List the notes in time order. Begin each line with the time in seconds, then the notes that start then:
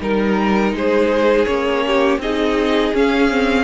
0.00 G3 D#4 A#4
0.72 G#3 G#4 C5
1.45 A#3 C#4 C#5
1.86 G4
2.18 C4 D#4 G#4 D#5
2.94 C#4 F5
3.30 C4